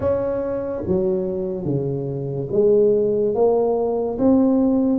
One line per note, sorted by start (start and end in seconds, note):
0.00 0.83 C#4
0.86 1.64 F#3
1.64 2.48 C#3
2.52 3.34 G#3
3.34 4.18 A#3
4.18 4.98 C4